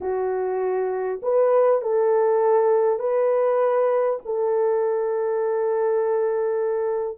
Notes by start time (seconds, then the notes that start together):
0.00 F#4
1.22 B4
1.81 A4
2.99 B4
4.25 A4